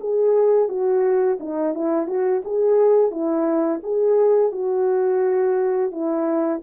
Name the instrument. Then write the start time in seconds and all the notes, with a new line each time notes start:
horn
0.00 G#4
0.68 F#4
1.40 D#4
1.74 E4
2.07 F#4
2.45 G#4
3.11 E4
3.83 G#4
4.52 F#4
5.91 E4